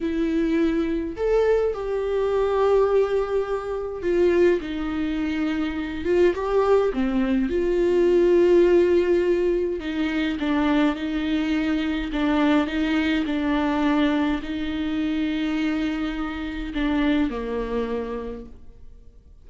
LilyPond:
\new Staff \with { instrumentName = "viola" } { \time 4/4 \tempo 4 = 104 e'2 a'4 g'4~ | g'2. f'4 | dis'2~ dis'8 f'8 g'4 | c'4 f'2.~ |
f'4 dis'4 d'4 dis'4~ | dis'4 d'4 dis'4 d'4~ | d'4 dis'2.~ | dis'4 d'4 ais2 | }